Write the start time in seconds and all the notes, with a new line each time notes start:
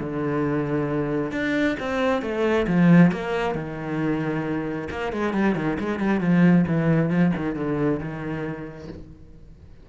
0.00 D3
1.32 D4
1.79 C4
2.22 A3
2.67 F3
3.12 A#3
3.55 D#3
4.90 A#3
5.12 G#3
5.33 G3
5.55 D#3
5.80 G#3
5.99 G3
6.20 F3
6.67 E3
7.10 F3
7.36 D#3
7.55 D3
7.99 D#3